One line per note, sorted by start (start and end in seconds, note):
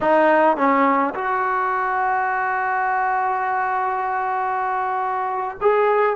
0.01 0.57 D#4
0.57 1.14 C#4
1.14 5.57 F#4
5.61 6.16 G#4